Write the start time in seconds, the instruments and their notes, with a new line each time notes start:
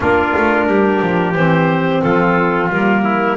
0.00 double bass A#3, saxophone D4, trumpet F4, clarinet A#4
0.36 double bass A3
0.66 double bass G3, trumpet G4
1.01 double bass F3
1.34 double bass E3, saxophone C4, clarinet C5
2.01 double bass F3, trumpet F4, clarinet A4
2.69 double bass G3, saxophone A#3, clarinet A#4
3.03 trumpet E4